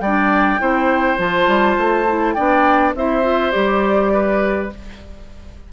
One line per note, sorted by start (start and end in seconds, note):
0.00 0.59 G3
0.00 0.59 D4
0.00 0.61 D5
0.00 1.18 G5
0.59 1.18 C4
0.59 1.17 E4
0.59 2.35 C5
1.17 1.47 F3
1.17 2.05 F4
1.17 2.33 A5
1.47 1.76 G3
1.77 2.36 A3
2.07 2.36 E4
2.33 2.94 B3
2.33 2.95 D4
2.33 2.94 D5
2.33 2.92 G5
2.94 3.53 C4
2.94 3.22 E4
2.94 4.13 C5
2.94 3.51 E5
3.22 3.51 F4
3.51 4.72 G3
3.51 4.69 G4
3.51 4.69 D5
4.13 4.71 B4